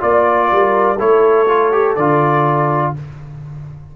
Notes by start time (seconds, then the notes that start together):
0.00 A#3 F4 D5
0.52 G3 A#4
0.97 A3 E4 A4 C#5
1.49 F4
1.72 G4
1.96 D3 F4 D5